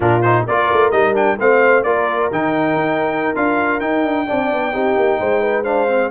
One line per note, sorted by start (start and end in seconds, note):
0.00 0.46 A#2
0.00 0.21 D4
0.00 0.45 F4
0.00 0.21 A#4
0.21 0.47 D#4
0.21 0.44 C5
0.46 0.70 A#3
0.46 0.92 F4
0.46 1.38 A#4
0.46 0.91 D5
0.73 0.91 A3
0.91 1.37 G3
0.91 1.14 D#4
0.91 1.14 D#5
1.14 1.37 D4
1.14 1.39 G5
1.39 1.84 A3
1.39 1.85 C4
1.39 1.86 C5
1.39 1.83 F5
1.83 2.30 A#3
1.83 2.31 F4
1.83 4.27 A#4
1.83 2.29 D5
2.31 2.74 D#3
2.31 3.35 D#4
2.31 3.35 G5
2.74 3.32 D#4
3.35 3.80 D4
3.35 3.80 F4
3.35 3.80 F5
3.80 4.26 D#4
3.80 4.03 D#4
3.80 5.64 G5
4.03 4.26 D4
4.27 4.52 C4
4.27 4.72 D4
4.27 4.73 D5
4.52 4.74 B3
4.72 4.96 C4
4.72 5.64 D#4
4.72 5.19 G4
4.96 5.19 A#3
5.19 6.11 G#3
5.19 5.41 C5
5.41 5.63 B4
5.63 5.87 D4
5.63 6.09 C5
5.63 6.10 F5
5.87 6.10 C4